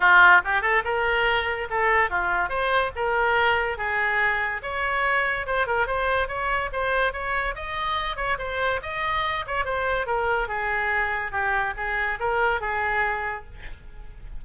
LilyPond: \new Staff \with { instrumentName = "oboe" } { \time 4/4 \tempo 4 = 143 f'4 g'8 a'8 ais'2 | a'4 f'4 c''4 ais'4~ | ais'4 gis'2 cis''4~ | cis''4 c''8 ais'8 c''4 cis''4 |
c''4 cis''4 dis''4. cis''8 | c''4 dis''4. cis''8 c''4 | ais'4 gis'2 g'4 | gis'4 ais'4 gis'2 | }